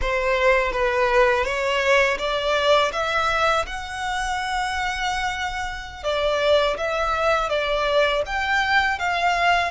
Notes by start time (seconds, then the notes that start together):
0.01 C5
0.72 B4
1.44 C#5
2.18 D5
2.92 E5
3.66 F#5
6.03 D5
6.77 E5
7.49 D5
8.26 G5
8.98 F5